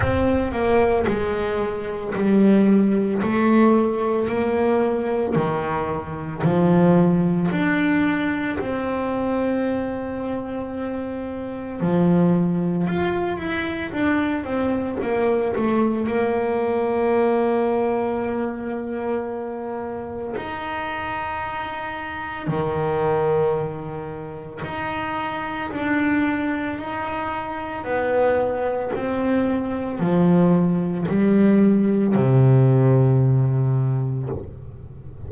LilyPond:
\new Staff \with { instrumentName = "double bass" } { \time 4/4 \tempo 4 = 56 c'8 ais8 gis4 g4 a4 | ais4 dis4 f4 d'4 | c'2. f4 | f'8 e'8 d'8 c'8 ais8 a8 ais4~ |
ais2. dis'4~ | dis'4 dis2 dis'4 | d'4 dis'4 b4 c'4 | f4 g4 c2 | }